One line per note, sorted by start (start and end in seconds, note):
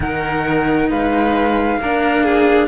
0.00 0.89 D#3
0.00 1.78 D#4
0.00 0.89 A#4
0.00 0.89 F#5
0.89 1.78 G#3
0.89 1.79 B4
0.89 2.68 F5
1.78 2.68 A#3
1.78 2.68 D4
1.78 2.23 A#4
2.23 2.68 G#4